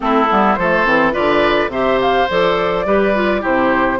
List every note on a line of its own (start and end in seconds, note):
0.00 0.29 A3
0.00 0.28 C4
0.00 0.58 E4
0.00 0.55 A4
0.29 0.57 G3
0.29 0.57 B3
0.55 0.85 F3
0.55 1.13 A4
0.55 1.12 C5
0.61 0.85 A3
0.85 1.14 E3
0.85 1.12 C4
1.12 1.67 D3
1.12 1.70 F4
1.12 1.70 B4
1.12 1.70 D5
1.67 2.25 C3
1.67 2.28 G4
1.67 2.86 C5
1.67 1.99 E5
2.01 2.29 F5
2.29 2.85 F3
2.29 2.86 A4
2.29 3.44 D5
2.85 3.42 G3
2.85 3.14 G4
2.85 3.41 B4
3.15 3.40 F4
3.40 3.99 C3
3.40 3.97 E4
3.40 3.98 G4
3.40 3.99 C5